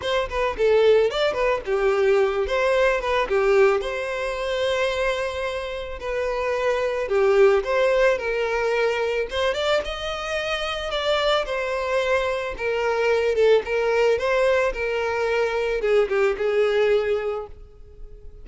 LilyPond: \new Staff \with { instrumentName = "violin" } { \time 4/4 \tempo 4 = 110 c''8 b'8 a'4 d''8 b'8 g'4~ | g'8 c''4 b'8 g'4 c''4~ | c''2. b'4~ | b'4 g'4 c''4 ais'4~ |
ais'4 c''8 d''8 dis''2 | d''4 c''2 ais'4~ | ais'8 a'8 ais'4 c''4 ais'4~ | ais'4 gis'8 g'8 gis'2 | }